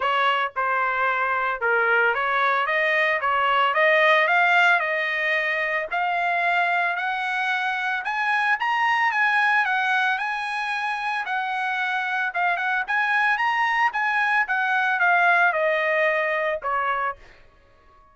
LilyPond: \new Staff \with { instrumentName = "trumpet" } { \time 4/4 \tempo 4 = 112 cis''4 c''2 ais'4 | cis''4 dis''4 cis''4 dis''4 | f''4 dis''2 f''4~ | f''4 fis''2 gis''4 |
ais''4 gis''4 fis''4 gis''4~ | gis''4 fis''2 f''8 fis''8 | gis''4 ais''4 gis''4 fis''4 | f''4 dis''2 cis''4 | }